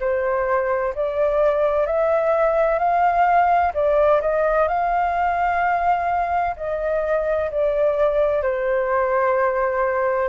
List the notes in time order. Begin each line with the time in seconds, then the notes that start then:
0.00 C5
0.95 D5
1.86 E5
2.79 F5
3.74 D5
4.21 D#5
4.68 F5
6.56 D#5
7.50 D5
8.42 C5